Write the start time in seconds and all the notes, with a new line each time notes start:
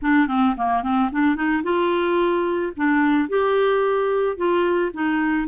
0.01 D4
0.27 C4
0.57 A#3
0.83 C4
1.12 D4
1.35 D#4
1.63 F4
2.76 D4
3.28 G4
4.36 F4
4.93 D#4